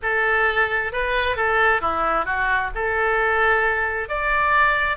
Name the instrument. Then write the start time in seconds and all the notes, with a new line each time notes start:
oboe
0.02 A4
0.92 B4
1.36 A4
1.81 E4
2.25 F#4
2.74 A4
4.08 D5